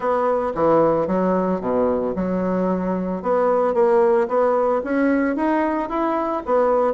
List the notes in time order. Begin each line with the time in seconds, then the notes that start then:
0.00 B3
0.54 E3
1.07 F#3
1.60 B2
2.15 F#3
3.22 B3
3.74 A#3
4.28 B3
4.84 C#4
5.35 D#4
5.89 E4
6.45 B3